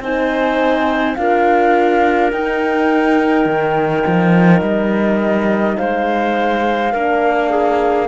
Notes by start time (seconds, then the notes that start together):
0.00 C4 D#4 C5 G#5
1.15 D4 F4 A#4 F5
2.32 D#4 G5
3.46 D#3
4.07 F3
4.62 G3 D#5
5.77 G#3 C5 F5
6.93 A#3 D4 A#4
7.50 G#4